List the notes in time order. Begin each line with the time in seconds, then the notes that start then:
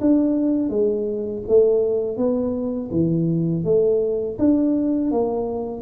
0.00 D4
0.69 G#3
1.47 A3
2.17 B3
2.91 E3
3.64 A3
4.38 D4
5.11 A#3